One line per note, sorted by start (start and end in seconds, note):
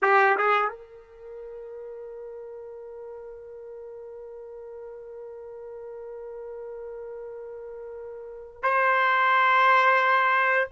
0.02 0.36 G4
0.37 0.69 G#4
0.69 8.62 A#4
8.62 10.69 C5